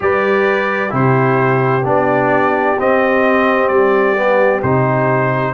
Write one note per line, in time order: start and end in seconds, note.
0.00 0.92 G3
0.00 0.89 G4
0.00 0.91 B4
0.00 0.94 D5
0.89 1.84 C3
0.89 1.81 E4
0.89 5.53 G4
0.89 1.87 C5
1.84 2.76 B3
1.84 2.76 D4
1.84 2.80 D5
2.78 4.16 C4
2.78 3.69 C4
2.78 3.67 D#5
3.67 4.61 G3
3.67 4.60 D5
4.16 4.62 B3
4.62 5.54 C3
4.62 5.54 D#4
4.62 5.54 C5